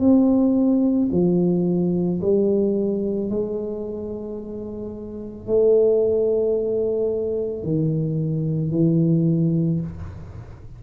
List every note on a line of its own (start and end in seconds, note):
0.00 1.09 C4
1.12 2.21 F3
2.22 3.30 G3
3.30 5.47 G#3
5.47 7.64 A3
7.64 8.72 D#3
8.72 9.81 E3